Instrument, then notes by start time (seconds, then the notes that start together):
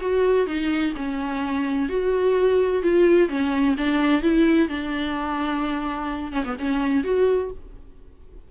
viola
0.00 F#4
0.46 D#4
0.96 C#4
1.89 F#4
2.82 F4
3.29 C#4
3.77 D4
4.22 E4
4.68 D4
6.32 C#4
6.45 B3
6.59 C#4
7.03 F#4